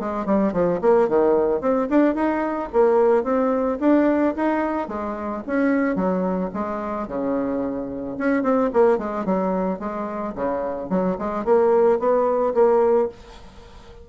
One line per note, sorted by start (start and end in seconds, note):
0.00 0.26 G#3
0.26 0.53 G3
0.53 0.80 F3
0.81 1.09 A#3
1.09 1.61 D#3
1.61 1.88 C4
1.90 2.15 D4
2.15 2.70 D#4
2.73 3.24 A#3
3.24 3.79 C4
3.80 4.35 D4
4.36 4.88 D#4
4.88 5.43 G#3
5.47 5.96 C#4
5.96 6.50 F#3
6.54 7.08 G#3
7.08 8.17 C#3
8.18 8.43 C#4
8.43 8.70 C4
8.73 8.98 A#3
8.98 9.25 G#3
9.26 9.80 F#3
9.80 10.34 G#3
10.36 10.90 C#3
10.90 11.17 F#3
11.19 11.45 G#3
11.45 12.00 A#3
12.00 12.54 B3
12.55 13.09 A#3